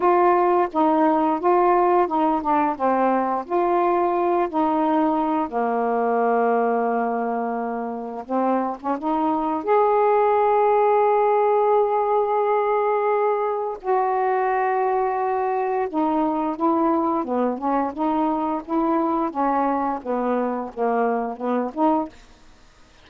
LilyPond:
\new Staff \with { instrumentName = "saxophone" } { \time 4/4 \tempo 4 = 87 f'4 dis'4 f'4 dis'8 d'8 | c'4 f'4. dis'4. | ais1 | c'8. cis'16 dis'4 gis'2~ |
gis'1 | fis'2. dis'4 | e'4 b8 cis'8 dis'4 e'4 | cis'4 b4 ais4 b8 dis'8 | }